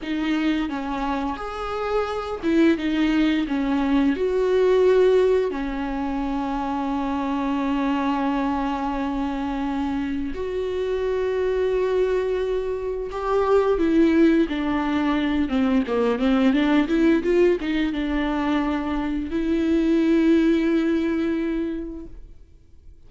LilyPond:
\new Staff \with { instrumentName = "viola" } { \time 4/4 \tempo 4 = 87 dis'4 cis'4 gis'4. e'8 | dis'4 cis'4 fis'2 | cis'1~ | cis'2. fis'4~ |
fis'2. g'4 | e'4 d'4. c'8 ais8 c'8 | d'8 e'8 f'8 dis'8 d'2 | e'1 | }